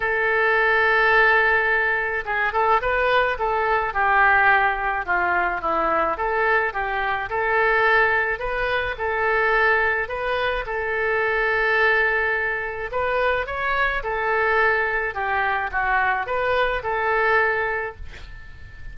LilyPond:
\new Staff \with { instrumentName = "oboe" } { \time 4/4 \tempo 4 = 107 a'1 | gis'8 a'8 b'4 a'4 g'4~ | g'4 f'4 e'4 a'4 | g'4 a'2 b'4 |
a'2 b'4 a'4~ | a'2. b'4 | cis''4 a'2 g'4 | fis'4 b'4 a'2 | }